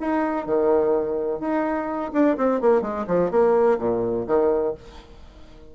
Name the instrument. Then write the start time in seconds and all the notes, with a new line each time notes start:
bassoon
0.00 D#4
0.46 D#3
1.40 D#4
2.13 D4
2.37 C4
2.61 A#3
2.82 G#3
3.07 F3
3.31 A#3
3.79 A#2
4.27 D#3